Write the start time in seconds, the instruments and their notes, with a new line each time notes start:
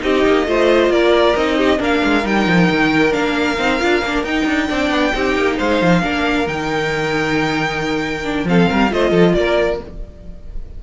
0.00 cello C4, viola D#4, violin G4 D#5
0.26 cello A#3
0.47 cello A3, viola F4, violin C5
0.89 cello A#3, violin A#4 D5
1.36 cello C4, viola D#4, violin D#5
1.57 violin G4
1.78 cello A#3, viola D4, violin A#4
1.84 violin F5
2.04 cello G#3
2.24 cello G3, viola D#4, violin G5
2.47 cello F3
2.70 cello D#3
3.11 cello A#3, viola D4, violin F5
3.59 cello C4, viola D#4
3.80 cello D4, viola F4
4.02 cello A#3, viola D4
4.23 cello D#4, viola D#4, violin G5
4.46 cello D4
4.68 cello C4, viola D4, violin D5
4.90 cello B3
5.13 cello C4, viola D#4, violin G4
5.37 cello A#3
5.57 cello G#3, violin C5 F5
5.82 cello F3
6.02 cello A#3, viola D4, violin A#4
6.47 cello D#3, viola D#4, violin G5
8.24 viola D4
8.45 cello F3, viola C4, violin A4 F5
8.70 cello G3, violin A#4
8.90 cello A3, viola F4, violin C5 D#5
9.11 cello F3, violin A4
9.34 cello A#3, violin A#4 D5